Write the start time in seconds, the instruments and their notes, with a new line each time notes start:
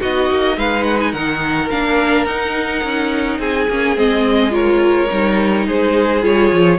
0.00 cello B3, viola D#4, violin F#4 D#5
0.30 cello A#3
0.56 cello G#3, violin B4 F5
0.83 violin F#5
1.01 violin G#5
1.12 cello D#3, violin A#4 F#5
1.70 cello A#3, viola D4, violin F5
2.25 cello D#4, viola D#4, violin F#5
2.83 cello C#4
3.38 cello C4, violin G#4 G#5
3.68 cello A#3, viola C#4
3.95 cello G#3, viola C4, violin D#5
4.50 viola F4, violin A#4 C#5
5.10 cello G3, viola D#4
5.66 cello G#3, violin G#4 C5
6.21 cello G3, viola F4, violin C#5
6.51 cello F3